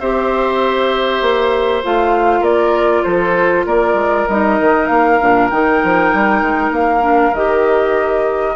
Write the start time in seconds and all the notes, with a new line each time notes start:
0.00 C4 G4 C5 E5
1.21 A#3
1.83 A3 F4 F5
2.41 A#3 A#4 D5
3.03 F3 A4 C5
3.66 A#3 A#4 D5
3.94 G#3
4.28 G3 D#4 D#5
4.60 D#3
4.87 A#3 F5
5.20 A#2 D4
5.49 D#3 D#4 G5
5.83 F3
6.14 G3
6.42 G#3
6.71 A#3 F5
7.01 D4
7.33 D#3 G4 D#5